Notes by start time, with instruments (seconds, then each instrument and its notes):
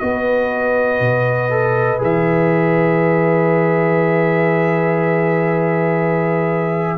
0.00 tuba B3, trombone F#4, horn B4, trumpet D#5
1.00 tuba B2
1.50 trombone A4
1.99 tuba E3, trombone G#4, trumpet E5